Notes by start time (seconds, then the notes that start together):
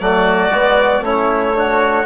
0.00 F#3 A3 F#4 D5
0.49 G#3 B3
1.01 A3 C#4 E4 C#5
1.54 D4 F#4